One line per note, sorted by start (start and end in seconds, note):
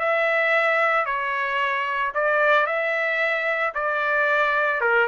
0.00 1.06 E5
1.06 2.13 C#5
2.15 2.67 D5
2.67 3.74 E5
3.75 4.81 D5
4.81 5.08 A#4